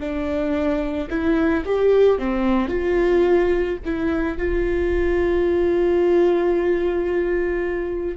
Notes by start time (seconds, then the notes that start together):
0.00 D4
1.10 E4
1.65 G4
2.19 C4
2.69 F4
3.85 E4
4.38 F4